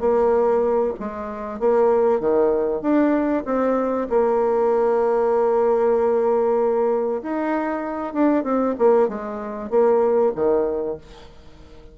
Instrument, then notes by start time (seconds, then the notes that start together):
bassoon
0.00 A#3
0.99 G#3
1.59 A#3
2.20 D#3
2.81 D4
3.45 C4
4.09 A#3
7.22 D#4
8.13 D4
8.43 C4
8.78 A#3
9.08 G#3
9.70 A#3
10.35 D#3